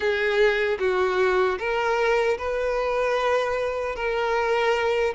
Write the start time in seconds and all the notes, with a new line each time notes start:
0.00 G#4
0.79 F#4
1.58 A#4
2.38 B4
3.95 A#4